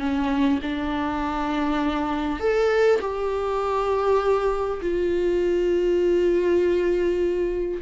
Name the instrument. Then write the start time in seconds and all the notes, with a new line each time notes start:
viola
0.00 C#4
0.63 D4
2.40 A4
3.01 G4
4.82 F4